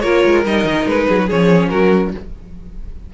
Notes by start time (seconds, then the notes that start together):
0.00 A#3 F4 A#4 C#5
0.25 G#3
0.45 G3 D#4 D#5
0.64 D#3
0.86 G#3 B4
1.08 F#3 G#4
1.18 F#4
1.27 F3 C#4 G#4 C#5
1.69 F#3 F#4 A#4